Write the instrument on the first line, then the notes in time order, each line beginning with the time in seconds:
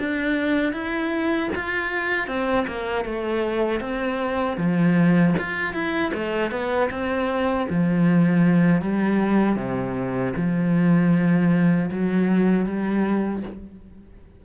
cello
0.00 D4
0.73 E4
1.56 F4
2.28 C4
2.67 A#3
3.05 A3
3.81 C4
4.58 F3
5.39 F4
5.74 E4
6.15 A3
6.52 B3
6.91 C4
7.70 F3
8.82 G3
9.57 C3
10.37 F3
11.92 F#3
12.66 G3